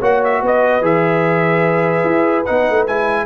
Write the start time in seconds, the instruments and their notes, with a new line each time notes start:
0.00 tuba A#3, trombone F#4, horn C#5, trumpet F#5
0.24 trumpet E5
0.42 tuba B3, horn B4, trumpet D#5
0.82 tuba E3, trombone G#4, trumpet E5
2.04 tuba E4
2.46 tuba B3, trombone D#4, trumpet F#5
2.70 tuba A3
2.87 tuba G#3, trombone E4, trumpet G#5